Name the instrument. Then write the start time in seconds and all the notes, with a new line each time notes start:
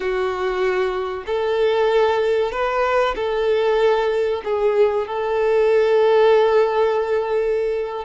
violin
0.00 F#4
1.26 A4
2.51 B4
3.15 A4
4.44 G#4
5.07 A4